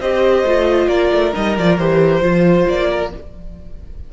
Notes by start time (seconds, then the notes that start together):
0.00 C4 G4 C5 D#5
0.43 A3 F4
0.88 A#3 A#4 D5
1.11 A3
1.33 G3 D#4 D#5
1.58 F3 F4 D5
1.78 E3 G4 C5
2.21 F3 F4 C5
2.68 A#3 D5
2.91 A#4